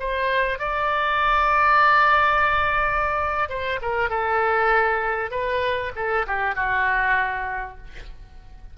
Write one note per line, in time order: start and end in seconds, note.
0.00 0.60 C5
0.60 3.50 D5
3.50 3.80 C5
3.82 4.10 A#4
4.10 5.32 A4
5.32 5.93 B4
5.96 6.27 A4
6.27 6.56 G4
6.56 7.78 F#4